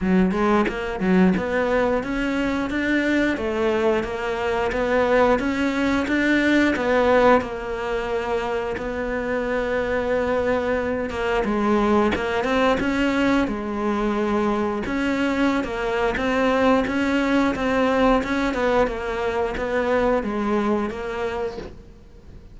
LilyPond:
\new Staff \with { instrumentName = "cello" } { \time 4/4 \tempo 4 = 89 fis8 gis8 ais8 fis8 b4 cis'4 | d'4 a4 ais4 b4 | cis'4 d'4 b4 ais4~ | ais4 b2.~ |
b8 ais8 gis4 ais8 c'8 cis'4 | gis2 cis'4~ cis'16 ais8. | c'4 cis'4 c'4 cis'8 b8 | ais4 b4 gis4 ais4 | }